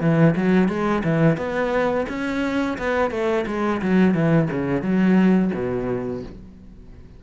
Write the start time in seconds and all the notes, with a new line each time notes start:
0.00 E3
0.36 F#3
0.68 G#3
1.04 E3
1.37 B3
2.08 C#4
2.78 B3
3.11 A3
3.46 G#3
3.81 F#3
4.14 E3
4.50 C#3
4.82 F#3
5.54 B2